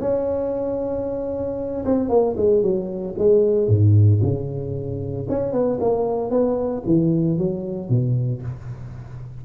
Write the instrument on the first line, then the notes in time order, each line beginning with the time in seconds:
tuba
0.00 C#4
1.85 C4
2.09 A#3
2.37 G#3
2.62 F#3
3.17 G#3
3.67 G#2
4.22 C#3
5.29 C#4
5.52 B3
5.80 A#3
6.30 B3
6.86 E3
7.38 F#3
7.89 B2